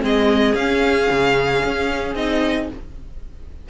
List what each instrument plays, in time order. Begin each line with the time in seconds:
0.00 cello G#3, viola C4, violin G#4 D#5
0.54 cello C#4, viola C#4, violin F5
1.11 cello C#3
1.64 cello C#4
2.15 cello C4, viola D#4, violin D#5